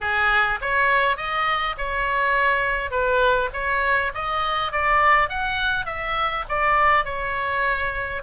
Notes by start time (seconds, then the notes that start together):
0.00 G#4
0.61 C#5
1.16 D#5
1.77 C#5
2.91 B4
3.53 C#5
4.14 D#5
4.72 D5
5.29 F#5
5.85 E5
6.48 D5
7.04 C#5